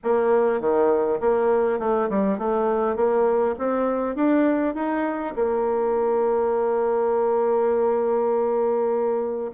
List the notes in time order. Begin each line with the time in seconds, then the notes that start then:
0.03 A#3
0.60 D#3
1.20 A#3
1.79 A3
2.09 G3
2.38 A3
2.95 A#3
3.58 C4
4.15 D4
4.74 D#4
5.35 A#3